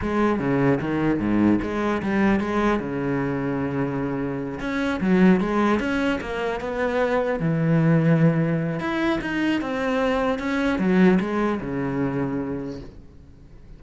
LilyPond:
\new Staff \with { instrumentName = "cello" } { \time 4/4 \tempo 4 = 150 gis4 cis4 dis4 gis,4 | gis4 g4 gis4 cis4~ | cis2.~ cis8 cis'8~ | cis'8 fis4 gis4 cis'4 ais8~ |
ais8 b2 e4.~ | e2 e'4 dis'4 | c'2 cis'4 fis4 | gis4 cis2. | }